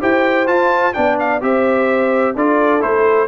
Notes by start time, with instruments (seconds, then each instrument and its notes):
0.00 tuba E4, trombone G4, horn C5, trumpet G5
0.46 trombone F4, tuba F4, trumpet A5
0.93 tuba B3, trombone D4, horn D5, trumpet G5
1.19 trumpet F5
1.40 tuba C4, trombone G4, horn C5, trumpet E5
2.35 tuba D4, trombone F4, horn A4, trumpet D5
2.80 tuba A3, trombone E4, trumpet C5